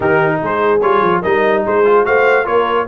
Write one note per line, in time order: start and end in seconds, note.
0.00 0.39 D#3
0.00 0.80 D#4
0.00 0.39 G4
0.00 0.41 A#4
0.42 0.82 G#3
0.42 1.21 G#4
0.42 0.80 C5
0.80 1.01 G3
0.80 1.23 F4
0.80 1.22 C#5
1.01 1.22 F3
1.21 1.66 G3
1.21 1.84 D#4
1.21 1.62 A#4
1.21 1.63 D#5
1.65 2.06 G#3
1.65 2.06 G#4
1.65 2.05 C5
1.84 2.05 F4
2.05 2.47 A3
2.05 2.44 F#4
2.05 2.44 C5
2.05 2.46 F5
2.44 2.87 A#3
2.44 2.85 F4
2.44 2.85 A#4
2.44 2.87 C#5